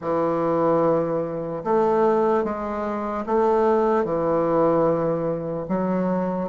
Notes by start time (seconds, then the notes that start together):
0.01 E3
1.64 A3
2.43 G#3
3.25 A3
4.04 E3
5.68 F#3